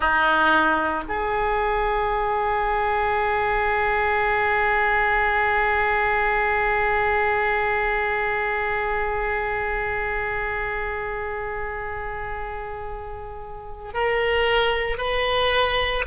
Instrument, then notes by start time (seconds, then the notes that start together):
oboe
0.00 D#4
1.08 G#4
13.93 A#4
14.97 B4